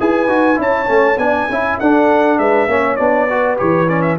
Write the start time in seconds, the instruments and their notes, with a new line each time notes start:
0.00 tuba E4, trombone G#4, horn B4, trumpet G#5
0.28 tuba D#4, trombone F#4
0.56 tuba C#4, trombone E4, horn C#5, trumpet A5
0.86 tuba A3, trombone C#4
1.18 tuba B3, trombone D4, horn D5, trumpet G#5
1.50 tuba C#4, trombone E4, horn E5
1.80 tuba D4, trombone D4, horn A4, trumpet F#5
2.39 tuba G#3, horn B4, trumpet E5
2.68 tuba A#3, trombone C#4, horn C#5
2.96 tuba B3, trombone D4, trumpet D5
3.29 trombone F#4, horn B4
3.58 tuba E3, trombone G4, trumpet C#5
3.89 trombone C#4, trumpet D5
4.02 trumpet E5